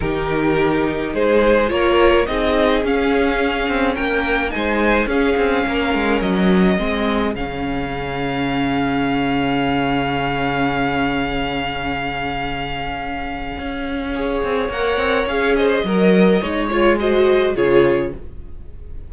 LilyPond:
<<
  \new Staff \with { instrumentName = "violin" } { \time 4/4 \tempo 4 = 106 ais'2 c''4 cis''4 | dis''4 f''2 g''4 | gis''4 f''2 dis''4~ | dis''4 f''2.~ |
f''1~ | f''1~ | f''2 fis''4 f''8 dis''8~ | dis''4. cis''8 dis''4 cis''4 | }
  \new Staff \with { instrumentName = "violin" } { \time 4/4 g'2 gis'4 ais'4 | gis'2. ais'4 | c''4 gis'4 ais'2 | gis'1~ |
gis'1~ | gis'1~ | gis'4 cis''2~ cis''8 c''8 | ais'4 cis''4 c''4 gis'4 | }
  \new Staff \with { instrumentName = "viola" } { \time 4/4 dis'2. f'4 | dis'4 cis'2. | dis'4 cis'2. | c'4 cis'2.~ |
cis'1~ | cis'1~ | cis'4 gis'4 ais'4 gis'4 | ais'4 dis'8 f'8 fis'4 f'4 | }
  \new Staff \with { instrumentName = "cello" } { \time 4/4 dis2 gis4 ais4 | c'4 cis'4. c'8 ais4 | gis4 cis'8 c'8 ais8 gis8 fis4 | gis4 cis2.~ |
cis1~ | cis1 | cis'4. c'8 ais8 c'8 cis'4 | fis4 gis2 cis4 | }
>>